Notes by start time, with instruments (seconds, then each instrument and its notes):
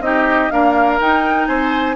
0.00 bassoon C4, clarinet D#4, oboe G4, flute D#5
0.51 clarinet A#3, bassoon D4, oboe A#4, flute F5
1.00 clarinet D#4, bassoon D#4, flute G5
1.47 bassoon C4, oboe C5, flute G#5